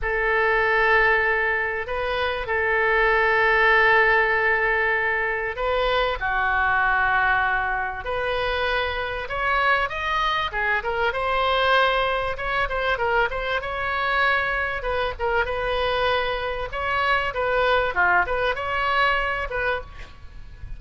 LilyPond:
\new Staff \with { instrumentName = "oboe" } { \time 4/4 \tempo 4 = 97 a'2. b'4 | a'1~ | a'4 b'4 fis'2~ | fis'4 b'2 cis''4 |
dis''4 gis'8 ais'8 c''2 | cis''8 c''8 ais'8 c''8 cis''2 | b'8 ais'8 b'2 cis''4 | b'4 f'8 b'8 cis''4. b'8 | }